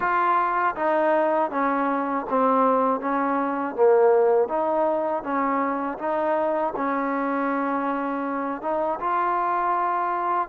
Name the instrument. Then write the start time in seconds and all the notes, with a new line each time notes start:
trombone
0.00 F4
0.75 D#4
1.50 C#4
2.29 C4
3.00 C#4
3.75 A#3
4.48 D#4
5.23 C#4
5.98 D#4
6.76 C#4
8.61 D#4
9.00 F4